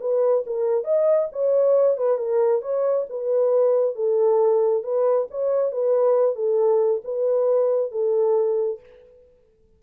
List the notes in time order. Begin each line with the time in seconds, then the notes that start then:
0.00 B4
0.46 A#4
0.84 D#5
1.32 C#5
1.97 B4
2.18 A#4
2.61 C#5
3.09 B4
3.95 A4
4.83 B4
5.30 C#5
5.72 B4
6.35 A4
7.04 B4
7.91 A4